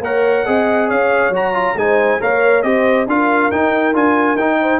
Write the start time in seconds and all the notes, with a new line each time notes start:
0.00 A#3 A#4 C#5 F#5
0.45 C4 G#4 D#5
0.88 C#4 C#5 F5
1.29 F#3 F#4
1.36 A#5
1.53 F4
1.75 G#3 D#4 C5 G#5
2.20 A#3 A#4 C#5 F5
2.62 C4 G4 C5 D#5
3.07 D4 F4 A#4 F5
3.51 D#4 G5
3.93 D4 F4 G#5
4.35 D#4 G5
4.60 C5